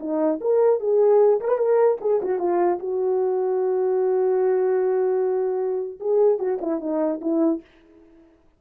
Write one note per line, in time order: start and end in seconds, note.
0.00 0.40 D#4
0.41 0.81 A#4
0.81 1.41 G#4
1.41 1.49 A#4
1.49 1.58 B4
1.58 1.98 A#4
2.01 2.21 G#4
2.22 2.39 F#4
2.39 2.79 F4
2.80 6.00 F#4
6.01 6.39 G#4
6.39 6.59 F#4
6.62 6.81 E4
6.81 7.21 D#4
7.22 7.62 E4